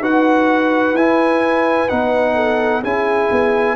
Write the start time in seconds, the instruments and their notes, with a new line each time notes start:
0.00 tuba D#4, trombone F#4, horn B4, trumpet F#5
0.93 tuba E4, trombone E4, trumpet G#5
1.88 tuba B3, trombone D#4, trumpet F#5
2.35 horn A4
2.83 tuba C#4, trombone E4, horn G#4, trumpet G#5
3.31 tuba B3